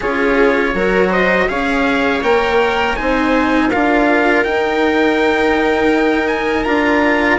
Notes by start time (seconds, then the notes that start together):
0.00 C#4 F4 G#4 C#5
0.74 F#3 F#4 A#4
1.09 C5 D#5
1.48 C#4 G#4 C#5 F5
2.22 A#3 A#4 G5
2.95 C4 D#4 C5 G#5
3.69 D4 F4 A#4 F5
4.44 D#4 G5
6.27 G#5
6.63 D4 F4 A#5